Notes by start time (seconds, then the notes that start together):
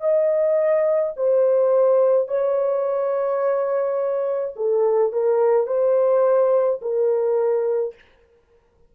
0.00 D#5
1.16 C5
2.28 C#5
4.56 A4
5.13 A#4
5.67 C5
6.82 A#4